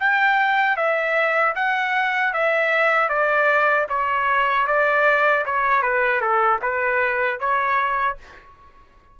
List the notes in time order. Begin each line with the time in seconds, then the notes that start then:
0.00 G5
0.77 E5
1.55 F#5
2.33 E5
3.09 D5
3.89 C#5
4.67 D5
5.45 C#5
5.82 B4
6.21 A4
6.62 B4
7.40 C#5